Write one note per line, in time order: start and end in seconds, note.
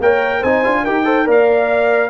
0.00 0.42 A#3
0.00 0.45 A#4
0.00 0.39 C#5
0.00 0.43 G5
0.39 0.65 C4
0.39 0.64 D#4
0.39 0.82 C5
0.39 0.85 G#5
0.64 0.87 D4
0.64 0.86 F4
0.83 1.28 D#4
0.83 1.05 G4
0.83 1.04 A#4
0.83 1.27 G5
1.04 1.25 A4
1.04 1.25 C5
1.25 2.10 A#3
1.25 2.10 A#4
1.25 2.10 D5
1.25 2.10 F5